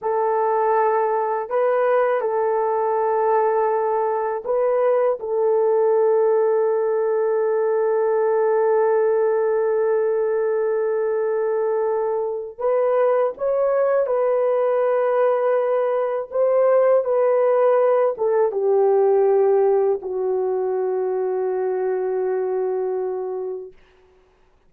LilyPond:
\new Staff \with { instrumentName = "horn" } { \time 4/4 \tempo 4 = 81 a'2 b'4 a'4~ | a'2 b'4 a'4~ | a'1~ | a'1~ |
a'4 b'4 cis''4 b'4~ | b'2 c''4 b'4~ | b'8 a'8 g'2 fis'4~ | fis'1 | }